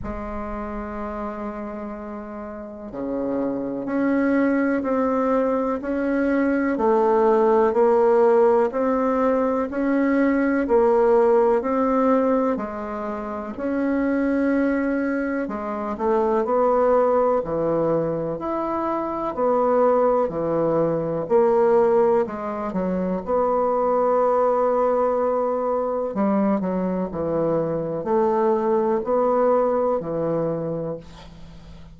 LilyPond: \new Staff \with { instrumentName = "bassoon" } { \time 4/4 \tempo 4 = 62 gis2. cis4 | cis'4 c'4 cis'4 a4 | ais4 c'4 cis'4 ais4 | c'4 gis4 cis'2 |
gis8 a8 b4 e4 e'4 | b4 e4 ais4 gis8 fis8 | b2. g8 fis8 | e4 a4 b4 e4 | }